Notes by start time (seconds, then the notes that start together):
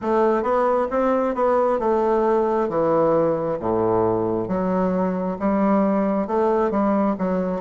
0.01 A3
0.42 B3
0.90 C4
1.34 B3
1.79 A3
2.69 E3
3.59 A2
4.48 F#3
5.39 G3
6.27 A3
6.70 G3
7.18 F#3